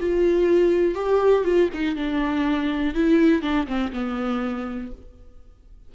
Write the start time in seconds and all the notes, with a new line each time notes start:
0.00 F4
0.94 G4
1.44 F4
1.74 D#4
1.96 D4
2.94 E4
3.42 D4
3.67 C4
3.92 B3